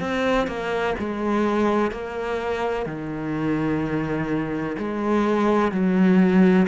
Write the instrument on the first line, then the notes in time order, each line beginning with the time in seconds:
cello
0.00 C4
0.47 A#3
0.99 G#3
1.92 A#3
2.86 D#3
4.78 G#3
5.72 F#3